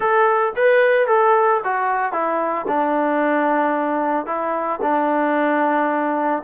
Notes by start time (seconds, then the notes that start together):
0.00 A4
0.56 B4
1.07 A4
1.64 F#4
2.12 E4
2.67 D4
4.26 E4
4.82 D4